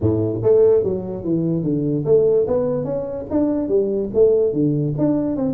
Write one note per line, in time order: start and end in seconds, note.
0.00 0.41 A2
0.43 0.83 A3
0.83 1.23 F#3
1.23 1.63 E3
1.63 2.04 D3
2.05 2.46 A3
2.47 2.84 B3
2.84 3.25 C#4
3.30 3.68 D4
3.68 4.09 G3
4.14 4.52 A3
4.52 4.94 D3
4.98 5.36 D4
5.36 5.53 C4